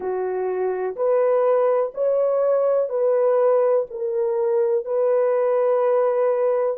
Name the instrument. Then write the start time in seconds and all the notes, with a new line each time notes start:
horn
0.00 F#4
0.96 B4
1.94 C#5
2.89 B4
3.90 A#4
4.85 B4